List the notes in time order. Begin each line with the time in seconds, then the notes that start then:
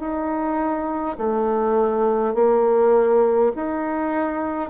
0.00 D#4
1.19 A3
2.35 A#3
3.56 D#4